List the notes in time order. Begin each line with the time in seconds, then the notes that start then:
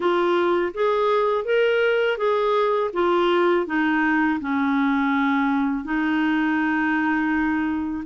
0.00 F4
0.74 G#4
1.45 A#4
2.18 G#4
2.93 F4
3.66 D#4
4.40 C#4
5.84 D#4